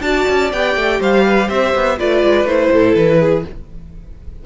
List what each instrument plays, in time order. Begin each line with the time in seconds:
0.00 cello D4, viola F#4, violin D5 A5
0.28 cello C#4
0.52 cello B3, viola G4, violin G5
0.75 cello A3
1.00 cello G3, violin C5 F5
1.25 violin B4
1.48 cello C4, violin C5 E5
1.75 cello B3
1.98 cello A3, viola F4, violin B4 D5
2.23 cello G#3
2.44 cello A3, viola E4, violin C5
2.71 cello A2, violin A4
2.95 cello E3, violin B4
3.19 violin G#4